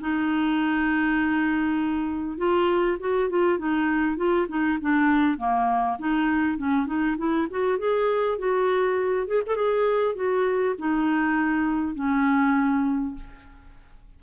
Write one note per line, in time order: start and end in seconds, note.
0.00 2.37 D#4
2.37 2.97 F4
2.99 3.29 F#4
3.29 3.58 F4
3.58 4.16 D#4
4.16 4.46 F4
4.48 4.78 D#4
4.81 5.37 D4
5.37 5.97 A#3
5.98 6.57 D#4
6.57 6.86 C#4
6.86 7.16 D#4
7.17 7.47 E4
7.50 7.78 F#4
7.78 8.38 G#4
8.38 9.27 F#4
9.27 9.42 G#4
9.46 9.55 A4
9.55 10.15 G#4
10.15 10.75 F#4
10.78 11.94 D#4
11.94 13.14 C#4